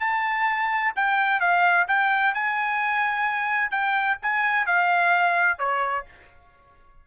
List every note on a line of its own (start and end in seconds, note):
0.00 0.93 A5
0.96 1.40 G5
1.40 1.87 F5
1.88 2.34 G5
2.34 3.71 G#5
3.71 4.18 G5
4.22 4.66 G#5
4.66 5.59 F5
5.59 6.05 C#5